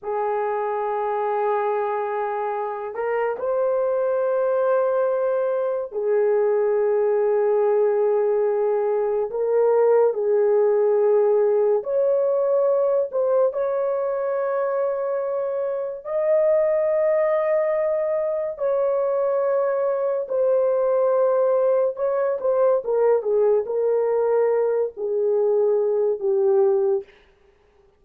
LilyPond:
\new Staff \with { instrumentName = "horn" } { \time 4/4 \tempo 4 = 71 gis'2.~ gis'8 ais'8 | c''2. gis'4~ | gis'2. ais'4 | gis'2 cis''4. c''8 |
cis''2. dis''4~ | dis''2 cis''2 | c''2 cis''8 c''8 ais'8 gis'8 | ais'4. gis'4. g'4 | }